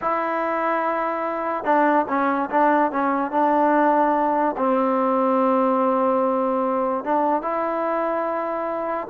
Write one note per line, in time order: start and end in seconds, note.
0.01 1.64 E4
1.64 2.05 D4
2.08 2.49 C#4
2.50 2.91 D4
2.91 3.31 C#4
3.31 4.55 D4
4.57 7.04 C4
7.04 7.42 D4
7.42 9.07 E4